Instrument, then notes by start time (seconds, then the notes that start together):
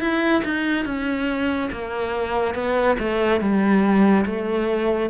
cello
0.00 E4
0.44 D#4
0.85 C#4
1.72 A#3
2.54 B3
2.99 A3
3.40 G3
4.26 A3